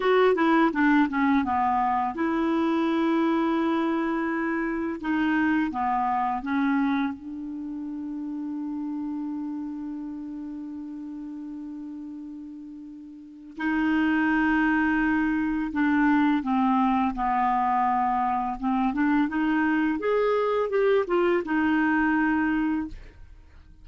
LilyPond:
\new Staff \with { instrumentName = "clarinet" } { \time 4/4 \tempo 4 = 84 fis'8 e'8 d'8 cis'8 b4 e'4~ | e'2. dis'4 | b4 cis'4 d'2~ | d'1~ |
d'2. dis'4~ | dis'2 d'4 c'4 | b2 c'8 d'8 dis'4 | gis'4 g'8 f'8 dis'2 | }